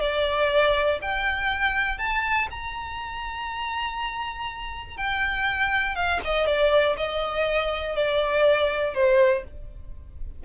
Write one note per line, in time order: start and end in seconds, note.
0.00 0.99 D5
1.02 1.98 G5
1.98 2.48 A5
2.50 4.97 A#5
4.97 5.95 G5
5.95 6.20 F5
6.24 6.46 D#5
6.46 6.96 D5
6.97 7.95 D#5
7.95 8.94 D5
8.94 9.44 C5